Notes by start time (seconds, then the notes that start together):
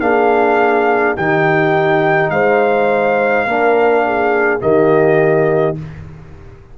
0.00 A#3 D4 G#4 F5
1.16 D#3 D#4 G4 G5
2.30 G#3 C5 F5
3.46 A#3 D4 A#4
4.06 G#4
4.60 D#3 A#3 G4 D#5